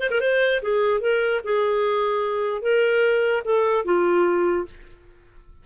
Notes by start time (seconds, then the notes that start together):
0.00 C5
0.11 A#4
0.21 C5
0.62 G#4
1.01 A#4
1.44 G#4
2.62 A#4
3.45 A4
3.85 F4